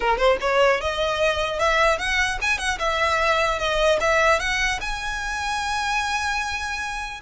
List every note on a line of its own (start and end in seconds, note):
0.00 0.17 A#4
0.17 0.37 C5
0.40 0.80 C#5
0.80 1.59 D#5
1.59 1.98 E5
1.98 2.38 F#5
2.41 2.58 G#5
2.58 2.78 F#5
2.78 3.58 E5
3.58 3.98 D#5
4.00 4.39 E5
4.39 4.79 F#5
4.81 7.21 G#5